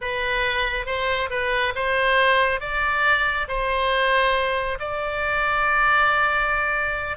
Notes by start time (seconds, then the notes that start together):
0.01 B4
0.86 C5
1.30 B4
1.75 C5
2.60 D5
3.47 C5
4.79 D5